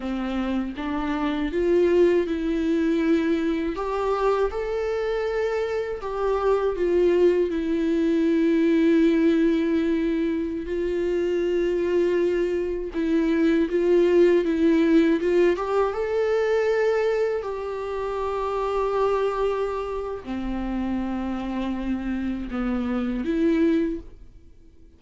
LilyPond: \new Staff \with { instrumentName = "viola" } { \time 4/4 \tempo 4 = 80 c'4 d'4 f'4 e'4~ | e'4 g'4 a'2 | g'4 f'4 e'2~ | e'2~ e'16 f'4.~ f'16~ |
f'4~ f'16 e'4 f'4 e'8.~ | e'16 f'8 g'8 a'2 g'8.~ | g'2. c'4~ | c'2 b4 e'4 | }